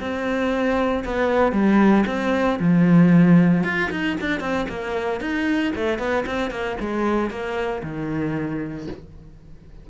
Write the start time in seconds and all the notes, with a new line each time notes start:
0.00 C4
1.05 B3
1.52 G3
2.07 C4
2.59 F3
3.64 F4
3.91 D#4
4.21 D4
4.40 C4
4.69 A#3
5.20 D#4
5.75 A3
5.99 B3
6.26 C4
6.51 A#3
6.80 G#3
7.30 A#3
7.83 D#3